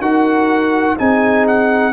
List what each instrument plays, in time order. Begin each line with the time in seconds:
0.00 tuba D#4, trombone F#4, horn A#4, trumpet F#5
0.97 tuba C4, trombone D#4, horn G#4, trumpet G#5
1.47 trumpet F#5